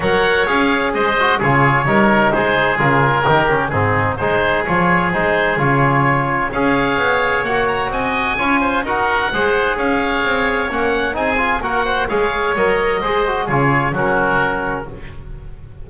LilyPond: <<
  \new Staff \with { instrumentName = "oboe" } { \time 4/4 \tempo 4 = 129 fis''4 f''4 dis''4 cis''4~ | cis''4 c''4 ais'2 | gis'4 c''4 cis''4 c''4 | cis''2 f''2 |
fis''8 ais''8 gis''2 fis''4~ | fis''4 f''2 fis''4 | gis''4 fis''4 f''4 dis''4~ | dis''4 cis''4 ais'2 | }
  \new Staff \with { instrumentName = "oboe" } { \time 4/4 cis''2 c''4 gis'4 | ais'4 gis'2 g'4 | dis'4 gis'2.~ | gis'2 cis''2~ |
cis''4 dis''4 cis''8 c''8 ais'4 | c''4 cis''2. | gis'4 ais'8 c''8 cis''2 | c''4 gis'4 fis'2 | }
  \new Staff \with { instrumentName = "trombone" } { \time 4/4 ais'4 gis'4. fis'8 f'4 | dis'2 f'4 dis'8 cis'8 | c'4 dis'4 f'4 dis'4 | f'2 gis'2 |
fis'2 f'4 fis'4 | gis'2. cis'4 | dis'8 f'8 fis'4 gis'4 ais'4 | gis'8 fis'8 f'4 cis'2 | }
  \new Staff \with { instrumentName = "double bass" } { \time 4/4 fis4 cis'4 gis4 cis4 | g4 gis4 cis4 dis4 | gis,4 gis4 f4 gis4 | cis2 cis'4 b4 |
ais4 c'4 cis'4 dis'4 | gis4 cis'4 c'4 ais4 | c'4 ais4 gis4 fis4 | gis4 cis4 fis2 | }
>>